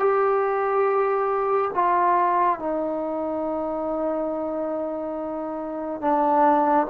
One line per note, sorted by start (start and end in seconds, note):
0.00 1.71 G4
1.75 2.59 F4
2.59 6.02 D#4
6.02 6.87 D4